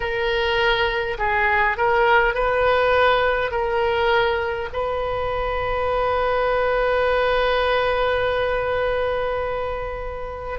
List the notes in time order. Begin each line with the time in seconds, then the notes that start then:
0.00 A#4
1.18 G#4
1.77 A#4
2.34 B4
3.51 A#4
4.73 B4